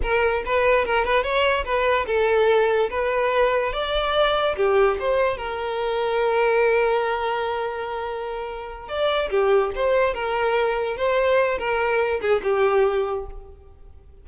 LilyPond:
\new Staff \with { instrumentName = "violin" } { \time 4/4 \tempo 4 = 145 ais'4 b'4 ais'8 b'8 cis''4 | b'4 a'2 b'4~ | b'4 d''2 g'4 | c''4 ais'2.~ |
ais'1~ | ais'4. d''4 g'4 c''8~ | c''8 ais'2 c''4. | ais'4. gis'8 g'2 | }